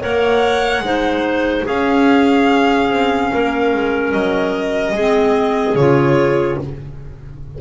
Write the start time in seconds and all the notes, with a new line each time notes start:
0.00 A#3 A#4 C#5 F#5
0.79 G#3 D#4 C5
1.65 C#4 G#4 F5
2.90 C4
3.32 A#3 A#4
3.73 G#3
4.12 F#3 D#5
4.92 G#3 C4 G#4
5.74 C#3 F4 C#5